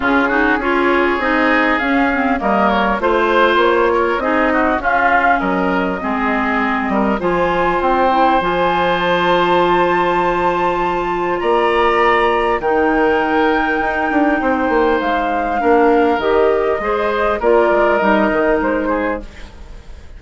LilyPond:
<<
  \new Staff \with { instrumentName = "flute" } { \time 4/4 \tempo 4 = 100 gis'4 cis''4 dis''4 f''4 | dis''8 cis''8 c''4 cis''4 dis''4 | f''4 dis''2. | gis''4 g''4 gis''4 a''4~ |
a''2. ais''4~ | ais''4 g''2.~ | g''4 f''2 dis''4~ | dis''4 d''4 dis''4 c''4 | }
  \new Staff \with { instrumentName = "oboe" } { \time 4/4 f'8 fis'8 gis'2. | ais'4 c''4. ais'8 gis'8 fis'8 | f'4 ais'4 gis'4. ais'8 | c''1~ |
c''2. d''4~ | d''4 ais'2. | c''2 ais'2 | c''4 ais'2~ ais'8 gis'8 | }
  \new Staff \with { instrumentName = "clarinet" } { \time 4/4 cis'8 dis'8 f'4 dis'4 cis'8 c'8 | ais4 f'2 dis'4 | cis'2 c'2 | f'4. e'8 f'2~ |
f'1~ | f'4 dis'2.~ | dis'2 d'4 g'4 | gis'4 f'4 dis'2 | }
  \new Staff \with { instrumentName = "bassoon" } { \time 4/4 cis4 cis'4 c'4 cis'4 | g4 a4 ais4 c'4 | cis'4 fis4 gis4. g8 | f4 c'4 f2~ |
f2. ais4~ | ais4 dis2 dis'8 d'8 | c'8 ais8 gis4 ais4 dis4 | gis4 ais8 gis8 g8 dis8 gis4 | }
>>